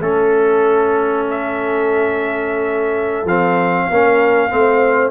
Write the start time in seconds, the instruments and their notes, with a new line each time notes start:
0.00 tuba A3, trombone C#4, horn A4, trumpet A4
1.30 trumpet E5
3.24 tuba F3, trombone C4, trumpet F5
3.88 tuba A#3, trombone C#4, horn A#4
4.49 tuba A3, trombone C4, horn C5